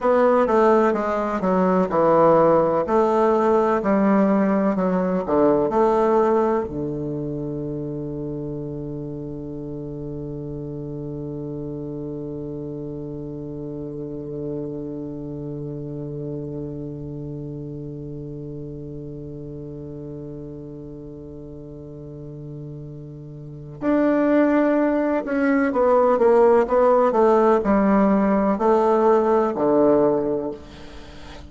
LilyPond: \new Staff \with { instrumentName = "bassoon" } { \time 4/4 \tempo 4 = 63 b8 a8 gis8 fis8 e4 a4 | g4 fis8 d8 a4 d4~ | d1~ | d1~ |
d1~ | d1~ | d4 d'4. cis'8 b8 ais8 | b8 a8 g4 a4 d4 | }